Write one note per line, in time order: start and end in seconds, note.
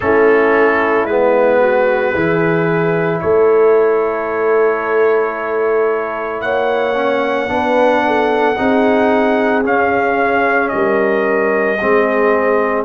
0.00 1.04 A3
0.00 1.08 C#4
0.00 1.59 E4
0.00 1.05 A4
1.04 2.11 G#3
1.04 2.15 B3
1.04 3.19 B4
1.59 2.13 F#4
2.14 3.21 E3
2.14 6.94 E4
2.14 3.21 G#4
3.20 6.41 A3
3.20 6.42 A4
3.20 6.41 C#5
6.41 7.48 A#3
6.41 7.49 C#5
6.41 9.62 F#5
6.94 7.48 C#4
7.48 8.56 B3
7.48 8.55 D4
7.48 8.04 B4
8.06 8.58 A4
8.56 9.64 C4
8.56 9.63 D#4
8.56 10.73 G#4
9.63 11.77 C#4
9.63 10.71 C#4
9.63 10.68 F5
10.68 11.81 G3
10.68 12.82 D#5
10.74 11.80 A#4
11.80 12.85 G#3
11.80 12.85 C4
11.80 12.85 G#4